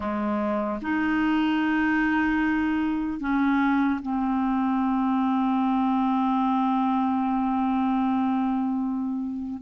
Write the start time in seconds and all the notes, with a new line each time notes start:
0.00 G#3
0.81 D#4
3.20 C#4
4.01 C4